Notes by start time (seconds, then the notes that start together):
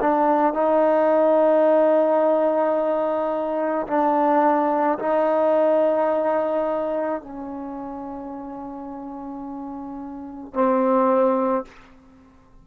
0.00 D4
0.53 D#4
3.87 D4
4.98 D#4
7.21 C#4
10.54 C4